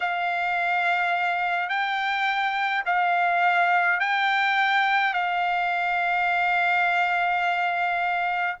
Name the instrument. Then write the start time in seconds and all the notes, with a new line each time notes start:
trumpet
0.00 F5
1.69 G5
2.85 F5
4.00 G5
5.13 F5